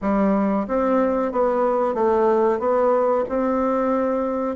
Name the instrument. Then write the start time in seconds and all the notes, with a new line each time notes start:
bassoon
0.01 G3
0.67 C4
1.32 B3
1.94 A3
2.59 B3
3.28 C4